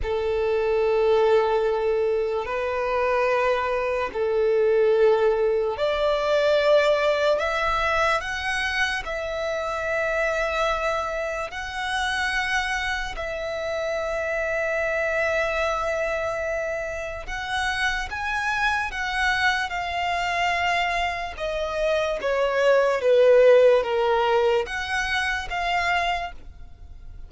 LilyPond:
\new Staff \with { instrumentName = "violin" } { \time 4/4 \tempo 4 = 73 a'2. b'4~ | b'4 a'2 d''4~ | d''4 e''4 fis''4 e''4~ | e''2 fis''2 |
e''1~ | e''4 fis''4 gis''4 fis''4 | f''2 dis''4 cis''4 | b'4 ais'4 fis''4 f''4 | }